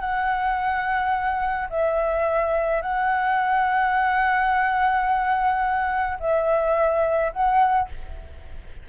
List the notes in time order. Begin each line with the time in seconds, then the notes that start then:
0.00 F#5
1.70 E5
2.82 F#5
6.20 E5
7.33 F#5